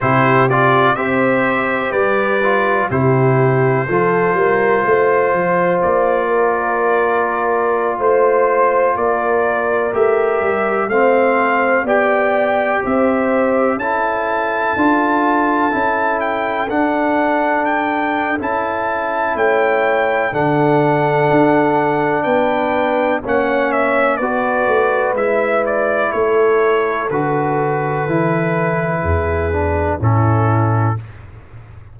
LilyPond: <<
  \new Staff \with { instrumentName = "trumpet" } { \time 4/4 \tempo 4 = 62 c''8 d''8 e''4 d''4 c''4~ | c''2 d''2~ | d''16 c''4 d''4 e''4 f''8.~ | f''16 g''4 e''4 a''4.~ a''16~ |
a''8. g''8 fis''4 g''8. a''4 | g''4 fis''2 g''4 | fis''8 e''8 d''4 e''8 d''8 cis''4 | b'2. a'4 | }
  \new Staff \with { instrumentName = "horn" } { \time 4/4 g'4 c''4 b'4 g'4 | a'8 ais'8 c''4. ais'4.~ | ais'16 c''4 ais'2 c''8.~ | c''16 d''4 c''4 a'4.~ a'16~ |
a'1 | cis''4 a'2 b'4 | cis''4 b'2 a'4~ | a'2 gis'4 e'4 | }
  \new Staff \with { instrumentName = "trombone" } { \time 4/4 e'8 f'8 g'4. f'8 e'4 | f'1~ | f'2~ f'16 g'4 c'8.~ | c'16 g'2 e'4 f'8.~ |
f'16 e'4 d'4.~ d'16 e'4~ | e'4 d'2. | cis'4 fis'4 e'2 | fis'4 e'4. d'8 cis'4 | }
  \new Staff \with { instrumentName = "tuba" } { \time 4/4 c4 c'4 g4 c4 | f8 g8 a8 f8 ais2~ | ais16 a4 ais4 a8 g8 a8.~ | a16 b4 c'4 cis'4 d'8.~ |
d'16 cis'4 d'4.~ d'16 cis'4 | a4 d4 d'4 b4 | ais4 b8 a8 gis4 a4 | d4 e4 e,4 a,4 | }
>>